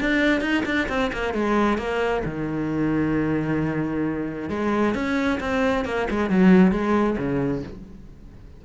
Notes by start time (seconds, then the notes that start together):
0.00 D4
0.41 D#4
0.65 D4
0.88 C4
1.12 A#3
1.33 G#3
1.77 A#3
2.24 D#3
4.49 G#3
4.94 C#4
5.40 C4
5.85 A#3
6.10 G#3
6.30 F#3
6.71 G#3
7.17 C#3